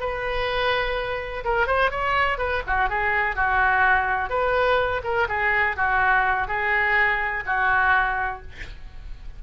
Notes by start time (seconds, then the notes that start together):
0.00 B4
1.44 A#4
1.67 C5
1.91 C#5
2.38 B4
2.67 F#4
2.89 G#4
3.36 F#4
4.30 B4
5.04 A#4
5.29 G#4
5.76 F#4
6.48 G#4
7.46 F#4